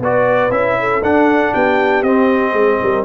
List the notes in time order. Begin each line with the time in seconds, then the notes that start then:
0.00 B3 F#4 B4 D5
0.51 C#4 E4 E5
0.80 A4
1.02 D4 F#5
1.54 B3 G4 G5
2.03 C4 D#5
2.53 G#3 G#4
2.83 G3 A#4